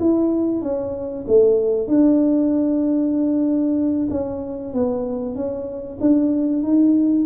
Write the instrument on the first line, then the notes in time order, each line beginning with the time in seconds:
tuba
0.00 E4
0.62 C#4
1.27 A3
1.88 D4
4.11 C#4
4.74 B3
5.35 C#4
6.01 D4
6.63 D#4